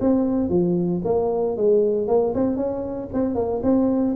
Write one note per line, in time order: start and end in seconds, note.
0.00 0.49 C4
0.49 1.01 F3
1.04 1.56 A#3
1.56 2.07 G#3
2.07 2.33 A#3
2.34 2.56 C4
2.56 3.08 C#4
3.13 3.35 C4
3.35 3.61 A#3
3.63 4.15 C4